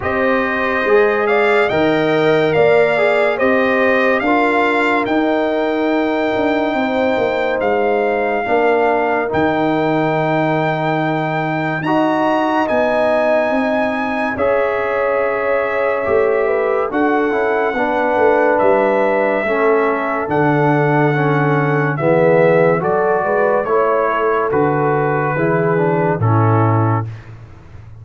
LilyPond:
<<
  \new Staff \with { instrumentName = "trumpet" } { \time 4/4 \tempo 4 = 71 dis''4. f''8 g''4 f''4 | dis''4 f''4 g''2~ | g''4 f''2 g''4~ | g''2 ais''4 gis''4~ |
gis''4 e''2. | fis''2 e''2 | fis''2 e''4 d''4 | cis''4 b'2 a'4 | }
  \new Staff \with { instrumentName = "horn" } { \time 4/4 c''4. d''8 dis''4 d''4 | c''4 ais'2. | c''2 ais'2~ | ais'2 dis''2~ |
dis''4 cis''2~ cis''8 b'8 | a'4 b'2 a'4~ | a'2 gis'4 a'8 b'8 | cis''8 a'4. gis'4 e'4 | }
  \new Staff \with { instrumentName = "trombone" } { \time 4/4 g'4 gis'4 ais'4. gis'8 | g'4 f'4 dis'2~ | dis'2 d'4 dis'4~ | dis'2 fis'4 dis'4~ |
dis'4 gis'2 g'4 | fis'8 e'8 d'2 cis'4 | d'4 cis'4 b4 fis'4 | e'4 fis'4 e'8 d'8 cis'4 | }
  \new Staff \with { instrumentName = "tuba" } { \time 4/4 c'4 gis4 dis4 ais4 | c'4 d'4 dis'4. d'8 | c'8 ais8 gis4 ais4 dis4~ | dis2 dis'4 b4 |
c'4 cis'2 a4 | d'8 cis'8 b8 a8 g4 a4 | d2 e4 fis8 gis8 | a4 d4 e4 a,4 | }
>>